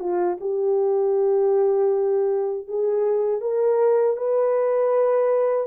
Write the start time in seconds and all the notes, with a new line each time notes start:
0.00 F4
0.41 G4
2.68 G#4
3.41 A#4
4.17 B4